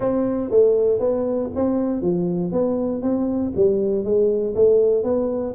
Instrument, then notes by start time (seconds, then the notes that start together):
tuba
0.00 C4
0.50 A3
0.99 B3
1.55 C4
2.01 F3
2.52 B3
3.01 C4
3.55 G3
4.04 G#3
4.55 A3
5.03 B3